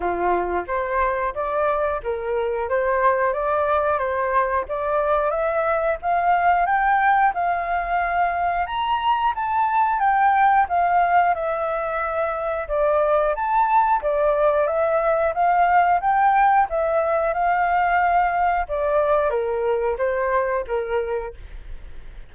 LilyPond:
\new Staff \with { instrumentName = "flute" } { \time 4/4 \tempo 4 = 90 f'4 c''4 d''4 ais'4 | c''4 d''4 c''4 d''4 | e''4 f''4 g''4 f''4~ | f''4 ais''4 a''4 g''4 |
f''4 e''2 d''4 | a''4 d''4 e''4 f''4 | g''4 e''4 f''2 | d''4 ais'4 c''4 ais'4 | }